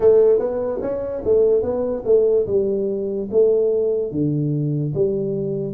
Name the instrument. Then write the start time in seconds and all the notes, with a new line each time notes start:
tuba
0.00 A3
0.39 B3
0.81 C#4
1.24 A3
1.62 B3
2.05 A3
2.46 G3
3.31 A3
4.11 D3
4.94 G3